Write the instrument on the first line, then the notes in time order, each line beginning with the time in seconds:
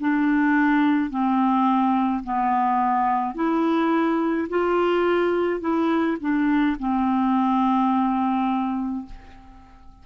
clarinet
0.00 D4
1.10 C4
2.24 B3
3.34 E4
4.49 F4
5.61 E4
6.20 D4
6.79 C4